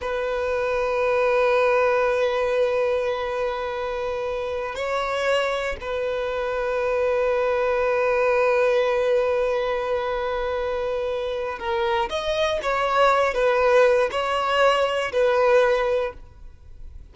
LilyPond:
\new Staff \with { instrumentName = "violin" } { \time 4/4 \tempo 4 = 119 b'1~ | b'1~ | b'4. cis''2 b'8~ | b'1~ |
b'1~ | b'2. ais'4 | dis''4 cis''4. b'4. | cis''2 b'2 | }